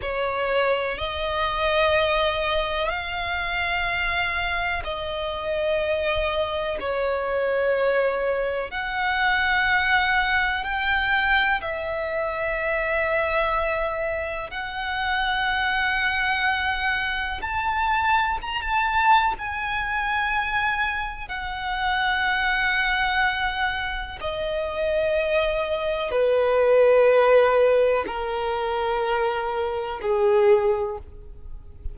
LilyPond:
\new Staff \with { instrumentName = "violin" } { \time 4/4 \tempo 4 = 62 cis''4 dis''2 f''4~ | f''4 dis''2 cis''4~ | cis''4 fis''2 g''4 | e''2. fis''4~ |
fis''2 a''4 ais''16 a''8. | gis''2 fis''2~ | fis''4 dis''2 b'4~ | b'4 ais'2 gis'4 | }